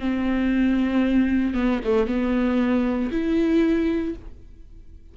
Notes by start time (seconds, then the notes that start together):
0.00 C4
1.55 B3
1.85 A3
2.07 B3
3.12 E4